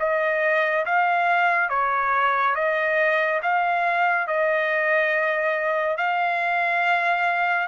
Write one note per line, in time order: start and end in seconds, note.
0.00 0.86 D#5
0.86 1.70 F5
1.70 2.56 C#5
2.56 3.41 D#5
3.42 4.27 F5
4.27 5.97 D#5
5.97 7.68 F5